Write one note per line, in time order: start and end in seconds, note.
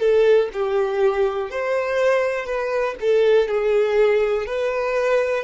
0.00 0.49 A4
0.53 1.50 G4
1.50 2.46 C5
2.46 2.95 B4
3.00 3.48 A4
3.48 4.46 G#4
4.46 5.44 B4